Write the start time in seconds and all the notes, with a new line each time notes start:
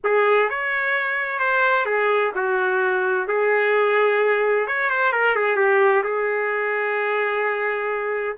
0.04 G#4
0.49 C#5
1.39 C5
1.85 G#4
2.35 F#4
3.27 G#4
4.67 C#5
4.90 C5
5.12 A#4
5.35 G#4
5.56 G4
6.03 G#4